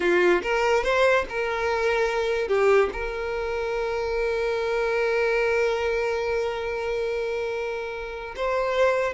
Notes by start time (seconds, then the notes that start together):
0.00 F4
0.42 A#4
0.83 C5
1.29 A#4
2.48 G4
2.93 A#4
8.36 C5